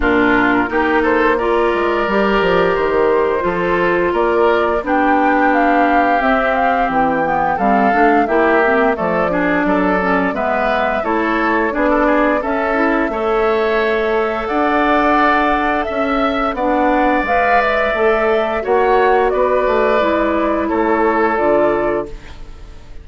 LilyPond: <<
  \new Staff \with { instrumentName = "flute" } { \time 4/4 \tempo 4 = 87 ais'4. c''8 d''2 | c''2 d''4 g''4 | f''4 e''8 f''8 g''4 f''4 | e''4 d''2 e''4 |
cis''4 d''4 e''2~ | e''4 fis''2 e''4 | fis''4 f''8 e''4. fis''4 | d''2 cis''4 d''4 | }
  \new Staff \with { instrumentName = "oboe" } { \time 4/4 f'4 g'8 a'8 ais'2~ | ais'4 a'4 ais'4 g'4~ | g'2. a'4 | g'4 a'8 gis'8 a'4 b'4 |
a'4 gis'16 a'16 gis'8 a'4 cis''4~ | cis''4 d''2 e''4 | d''2. cis''4 | b'2 a'2 | }
  \new Staff \with { instrumentName = "clarinet" } { \time 4/4 d'4 dis'4 f'4 g'4~ | g'4 f'2 d'4~ | d'4 c'4. b8 c'8 d'8 | e'8 c'8 a8 d'4 cis'8 b4 |
e'4 d'4 cis'8 e'8 a'4~ | a'1 | d'4 b'4 a'4 fis'4~ | fis'4 e'2 f'4 | }
  \new Staff \with { instrumentName = "bassoon" } { \time 4/4 ais,4 ais4. gis8 g8 f8 | dis4 f4 ais4 b4~ | b4 c'4 e4 g8 a8 | ais4 f4 fis4 gis4 |
a4 b4 cis'4 a4~ | a4 d'2 cis'4 | b4 gis4 a4 ais4 | b8 a8 gis4 a4 d4 | }
>>